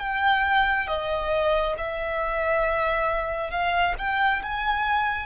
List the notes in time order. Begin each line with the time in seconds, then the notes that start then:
0.00 G5
0.87 D#5
1.78 E5
3.51 F5
3.98 G5
4.43 G#5